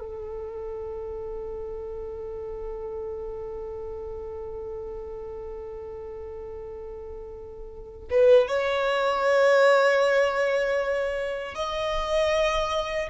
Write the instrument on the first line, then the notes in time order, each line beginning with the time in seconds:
violin
0.00 A4
8.10 B4
8.48 C#5
11.55 D#5